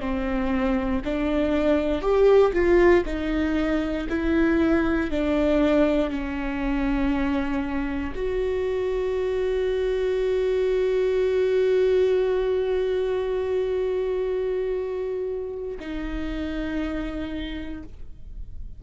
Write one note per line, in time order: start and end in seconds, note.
0.00 1.02 C4
1.04 2.02 D4
2.02 2.52 G4
2.53 3.04 F4
3.06 4.07 D#4
4.09 5.11 E4
5.11 6.10 D4
6.10 8.14 C#4
8.15 15.78 F#4
15.80 17.83 D#4